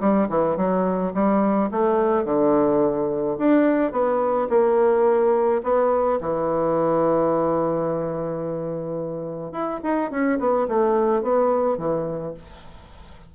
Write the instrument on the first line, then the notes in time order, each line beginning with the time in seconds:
bassoon
0.00 G3
0.29 E3
0.57 F#3
1.14 G3
1.71 A3
2.25 D3
3.38 D4
3.92 B3
4.50 A#3
5.63 B3
6.21 E3
9.52 E4
9.83 D#4
10.11 C#4
10.39 B3
10.68 A3
11.22 B3
11.78 E3